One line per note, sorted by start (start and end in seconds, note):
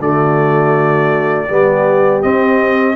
0.00 1.48 D3
0.00 1.49 A3
0.00 1.47 F#4
0.00 2.23 D5
1.47 2.23 G3
1.47 2.23 B3
1.47 2.96 G4
2.23 2.97 C4
2.23 2.97 D#5